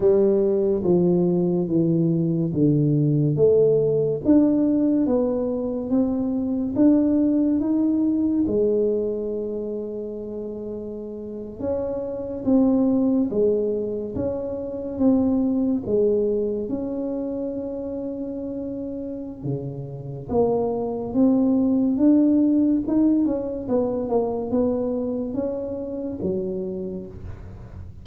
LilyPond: \new Staff \with { instrumentName = "tuba" } { \time 4/4 \tempo 4 = 71 g4 f4 e4 d4 | a4 d'4 b4 c'4 | d'4 dis'4 gis2~ | gis4.~ gis16 cis'4 c'4 gis16~ |
gis8. cis'4 c'4 gis4 cis'16~ | cis'2. cis4 | ais4 c'4 d'4 dis'8 cis'8 | b8 ais8 b4 cis'4 fis4 | }